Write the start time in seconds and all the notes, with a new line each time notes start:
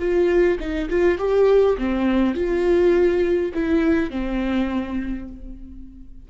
0.00 F4
0.60 D#4
0.90 F4
1.19 G4
1.78 C4
2.35 F4
3.54 E4
4.11 C4